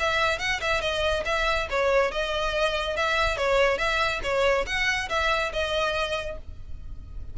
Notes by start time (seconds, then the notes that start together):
0.00 E5
0.39 F#5
0.61 E5
0.81 D#5
1.26 E5
1.70 C#5
2.11 D#5
2.97 E5
3.37 C#5
3.78 E5
4.23 C#5
4.67 F#5
5.10 E5
5.53 D#5